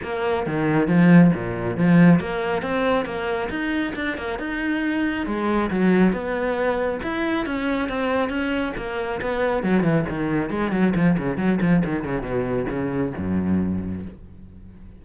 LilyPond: \new Staff \with { instrumentName = "cello" } { \time 4/4 \tempo 4 = 137 ais4 dis4 f4 ais,4 | f4 ais4 c'4 ais4 | dis'4 d'8 ais8 dis'2 | gis4 fis4 b2 |
e'4 cis'4 c'4 cis'4 | ais4 b4 fis8 e8 dis4 | gis8 fis8 f8 cis8 fis8 f8 dis8 cis8 | b,4 cis4 fis,2 | }